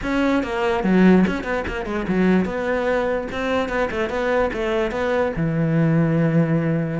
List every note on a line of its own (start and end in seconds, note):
0.02 0.43 C#4
0.43 0.83 A#3
0.83 1.24 F#3
1.27 1.43 C#4
1.43 1.64 B3
1.67 1.85 A#3
1.85 2.05 G#3
2.08 2.45 F#3
2.45 3.27 B3
3.31 3.68 C4
3.68 3.89 B3
3.90 4.09 A3
4.09 4.50 B3
4.53 4.91 A3
4.91 5.32 B3
5.36 7.00 E3